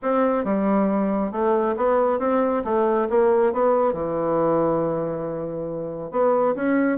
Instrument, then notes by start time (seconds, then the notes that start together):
bassoon
0.02 C4
0.44 G3
1.31 A3
1.77 B3
2.19 C4
2.64 A3
3.09 A#3
3.52 B3
3.93 E3
6.11 B3
6.55 C#4